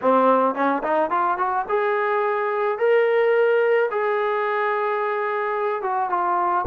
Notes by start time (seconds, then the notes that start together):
0.01 C4
0.54 C#4
0.83 D#4
1.10 F4
1.37 F#4
1.68 G#4
2.78 A#4
3.90 G#4
5.82 F#4
6.09 F4